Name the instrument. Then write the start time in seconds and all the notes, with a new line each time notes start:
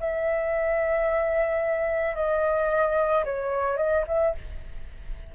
flute
0.00 E5
2.15 D#5
3.25 C#5
3.77 D#5
4.08 E5